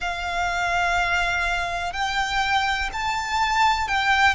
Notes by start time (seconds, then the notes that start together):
0.00 F5
1.92 G5
2.93 A5
3.88 G5